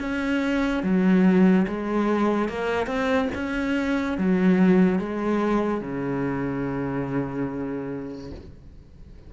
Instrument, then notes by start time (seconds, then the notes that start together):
cello
0.00 C#4
0.83 F#3
1.68 G#3
2.49 A#3
2.87 C4
3.35 C#4
4.18 F#3
5.00 G#3
5.81 C#3